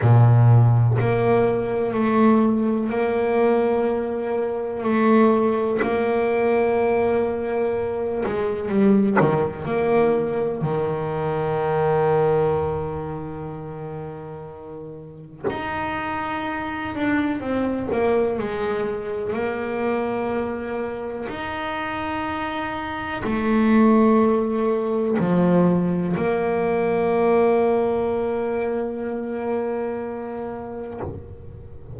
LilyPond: \new Staff \with { instrumentName = "double bass" } { \time 4/4 \tempo 4 = 62 ais,4 ais4 a4 ais4~ | ais4 a4 ais2~ | ais8 gis8 g8 dis8 ais4 dis4~ | dis1 |
dis'4. d'8 c'8 ais8 gis4 | ais2 dis'2 | a2 f4 ais4~ | ais1 | }